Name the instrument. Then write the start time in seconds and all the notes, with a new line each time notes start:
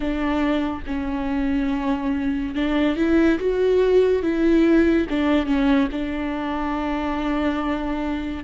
viola
0.00 D4
0.86 C#4
2.54 D4
2.96 E4
3.39 F#4
4.22 E4
5.09 D4
5.46 C#4
5.91 D4